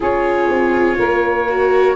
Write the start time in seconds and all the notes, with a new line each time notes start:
0.00 C#4 F4 G#4 C#5
0.49 C4
0.98 A#3 A#4
1.48 F#4